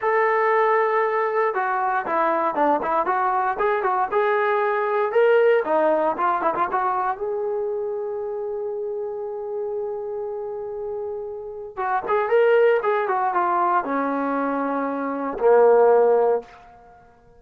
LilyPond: \new Staff \with { instrumentName = "trombone" } { \time 4/4 \tempo 4 = 117 a'2. fis'4 | e'4 d'8 e'8 fis'4 gis'8 fis'8 | gis'2 ais'4 dis'4 | f'8 e'16 f'16 fis'4 gis'2~ |
gis'1~ | gis'2. fis'8 gis'8 | ais'4 gis'8 fis'8 f'4 cis'4~ | cis'2 ais2 | }